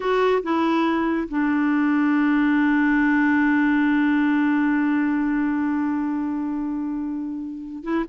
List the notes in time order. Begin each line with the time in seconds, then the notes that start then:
0.00 F#4
0.43 E4
1.28 D4
7.83 E4